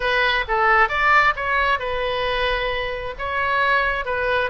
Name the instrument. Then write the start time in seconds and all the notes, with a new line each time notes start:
oboe
0.00 B4
0.48 A4
0.88 D5
1.35 C#5
1.79 B4
3.18 C#5
4.05 B4